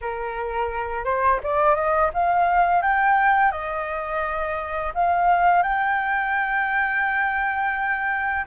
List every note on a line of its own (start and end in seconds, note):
0.01 1.04 A#4
1.04 1.40 C5
1.43 1.75 D5
1.75 2.10 D#5
2.13 2.82 F5
2.82 3.51 G5
3.51 4.92 D#5
4.94 5.62 F5
5.62 8.45 G5